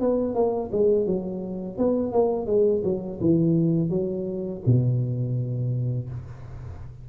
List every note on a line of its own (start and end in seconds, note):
0.00 0.34 B3
0.34 0.70 A#3
0.72 1.06 G#3
1.06 1.77 F#3
1.78 2.12 B3
2.12 2.46 A#3
2.46 2.82 G#3
2.83 3.19 F#3
3.20 3.89 E3
3.89 4.61 F#3
4.66 6.08 B2